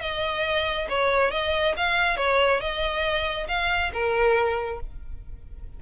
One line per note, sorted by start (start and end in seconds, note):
0.00 0.87 D#5
0.89 1.31 C#5
1.31 1.75 D#5
1.77 2.17 F5
2.17 2.60 C#5
2.60 3.47 D#5
3.48 3.92 F5
3.93 4.80 A#4